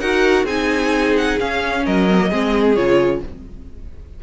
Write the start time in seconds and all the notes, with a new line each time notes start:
0.00 D#4 F#4 A#4 F#5
0.44 C4 D#4 G#4 G#5
1.17 F#5
1.40 C#4 F5
1.86 F#3 A#4 D#5
2.10 C4
2.19 A#3
2.29 G#3 C4 G#4
2.75 C#3 F4 C#5